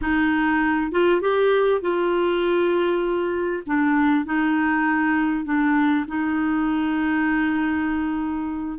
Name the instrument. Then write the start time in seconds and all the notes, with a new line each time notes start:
clarinet
0.01 D#4
0.91 F4
1.21 G4
1.81 F4
3.66 D4
4.25 D#4
5.45 D4
6.07 D#4